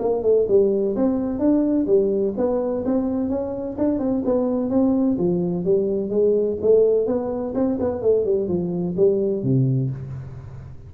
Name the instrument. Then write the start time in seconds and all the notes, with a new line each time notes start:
tuba
0.00 A#3
0.23 A3
0.49 G3
0.96 C4
1.40 D4
1.87 G3
2.38 B3
2.85 C4
3.30 C#4
3.78 D4
3.99 C4
4.25 B3
4.71 C4
5.19 F3
5.65 G3
6.10 G#3
6.62 A3
7.07 B3
7.55 C4
7.80 B3
8.02 A3
8.25 G3
8.49 F3
8.97 G3
9.43 C3